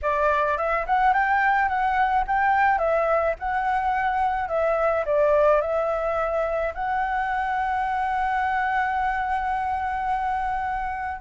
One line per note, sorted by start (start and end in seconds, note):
0.02 0.57 D5
0.57 0.85 E5
0.86 1.13 F#5
1.13 1.68 G5
1.68 2.24 F#5
2.27 2.78 G5
2.78 3.34 E5
3.39 4.48 F#5
4.48 5.04 E5
5.05 5.61 D5
5.61 6.73 E5
6.74 11.20 F#5